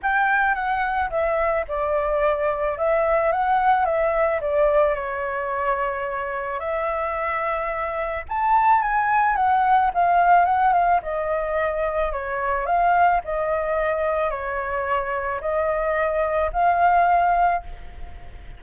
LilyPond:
\new Staff \with { instrumentName = "flute" } { \time 4/4 \tempo 4 = 109 g''4 fis''4 e''4 d''4~ | d''4 e''4 fis''4 e''4 | d''4 cis''2. | e''2. a''4 |
gis''4 fis''4 f''4 fis''8 f''8 | dis''2 cis''4 f''4 | dis''2 cis''2 | dis''2 f''2 | }